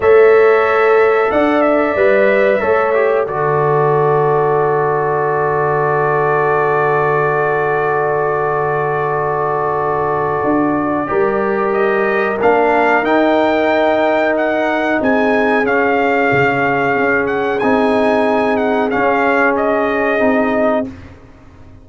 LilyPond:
<<
  \new Staff \with { instrumentName = "trumpet" } { \time 4/4 \tempo 4 = 92 e''2 fis''8 e''4.~ | e''4 d''2.~ | d''1~ | d''1~ |
d''2 dis''4 f''4 | g''2 fis''4 gis''4 | f''2~ f''8 fis''8 gis''4~ | gis''8 fis''8 f''4 dis''2 | }
  \new Staff \with { instrumentName = "horn" } { \time 4/4 cis''2 d''2 | cis''4 a'2.~ | a'1~ | a'1~ |
a'4 ais'2.~ | ais'2. gis'4~ | gis'1~ | gis'1 | }
  \new Staff \with { instrumentName = "trombone" } { \time 4/4 a'2. b'4 | a'8 g'8 fis'2.~ | fis'1~ | fis'1~ |
fis'4 g'2 d'4 | dis'1 | cis'2. dis'4~ | dis'4 cis'2 dis'4 | }
  \new Staff \with { instrumentName = "tuba" } { \time 4/4 a2 d'4 g4 | a4 d2.~ | d1~ | d1 |
d'4 g2 ais4 | dis'2. c'4 | cis'4 cis4 cis'4 c'4~ | c'4 cis'2 c'4 | }
>>